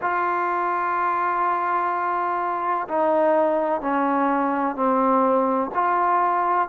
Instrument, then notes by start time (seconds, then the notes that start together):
trombone
0.01 F4
2.88 D#4
3.81 C#4
4.75 C4
5.74 F4